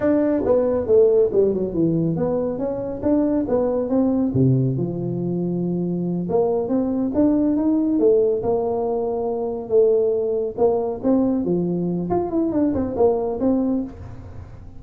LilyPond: \new Staff \with { instrumentName = "tuba" } { \time 4/4 \tempo 4 = 139 d'4 b4 a4 g8 fis8 | e4 b4 cis'4 d'4 | b4 c'4 c4 f4~ | f2~ f8 ais4 c'8~ |
c'8 d'4 dis'4 a4 ais8~ | ais2~ ais8 a4.~ | a8 ais4 c'4 f4. | f'8 e'8 d'8 c'8 ais4 c'4 | }